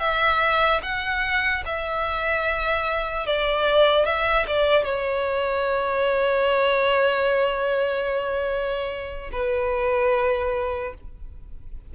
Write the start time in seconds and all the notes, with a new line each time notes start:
0.00 E5
0.83 F#5
1.66 E5
3.27 D5
4.06 E5
4.47 D5
4.85 C#5
9.32 B4